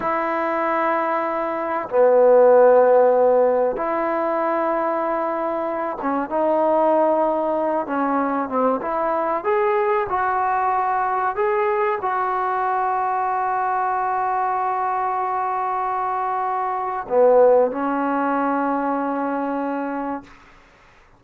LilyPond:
\new Staff \with { instrumentName = "trombone" } { \time 4/4 \tempo 4 = 95 e'2. b4~ | b2 e'2~ | e'4. cis'8 dis'2~ | dis'8 cis'4 c'8 e'4 gis'4 |
fis'2 gis'4 fis'4~ | fis'1~ | fis'2. b4 | cis'1 | }